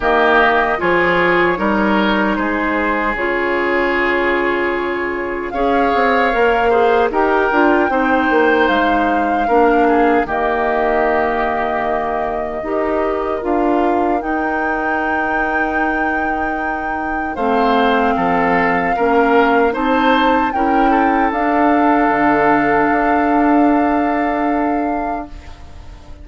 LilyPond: <<
  \new Staff \with { instrumentName = "flute" } { \time 4/4 \tempo 4 = 76 dis''4 cis''2 c''4 | cis''2. f''4~ | f''4 g''2 f''4~ | f''4 dis''2.~ |
dis''4 f''4 g''2~ | g''2 f''2~ | f''4 a''4 g''4 f''4~ | f''1 | }
  \new Staff \with { instrumentName = "oboe" } { \time 4/4 g'4 gis'4 ais'4 gis'4~ | gis'2. cis''4~ | cis''8 c''8 ais'4 c''2 | ais'8 gis'8 g'2. |
ais'1~ | ais'2 c''4 a'4 | ais'4 c''4 ais'8 a'4.~ | a'1 | }
  \new Staff \with { instrumentName = "clarinet" } { \time 4/4 ais4 f'4 dis'2 | f'2. gis'4 | ais'8 gis'8 g'8 f'8 dis'2 | d'4 ais2. |
g'4 f'4 dis'2~ | dis'2 c'2 | cis'4 dis'4 e'4 d'4~ | d'1 | }
  \new Staff \with { instrumentName = "bassoon" } { \time 4/4 dis4 f4 g4 gis4 | cis2. cis'8 c'8 | ais4 dis'8 d'8 c'8 ais8 gis4 | ais4 dis2. |
dis'4 d'4 dis'2~ | dis'2 a4 f4 | ais4 c'4 cis'4 d'4 | d4 d'2. | }
>>